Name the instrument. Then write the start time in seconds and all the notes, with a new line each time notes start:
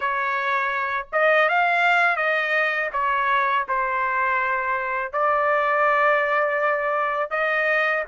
trumpet
0.00 C#5
1.12 D#5
1.48 F5
2.16 D#5
2.93 C#5
3.68 C5
5.12 D5
7.30 D#5